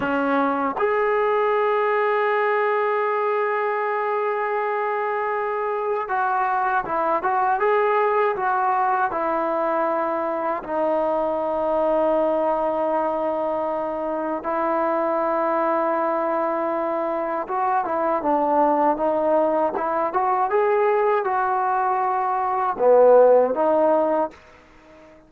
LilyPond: \new Staff \with { instrumentName = "trombone" } { \time 4/4 \tempo 4 = 79 cis'4 gis'2.~ | gis'1 | fis'4 e'8 fis'8 gis'4 fis'4 | e'2 dis'2~ |
dis'2. e'4~ | e'2. fis'8 e'8 | d'4 dis'4 e'8 fis'8 gis'4 | fis'2 b4 dis'4 | }